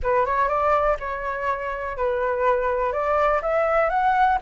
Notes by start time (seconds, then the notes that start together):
0.02 B4
0.25 C#5
0.48 D5
0.99 C#5
1.97 B4
2.92 D5
3.42 E5
3.89 F#5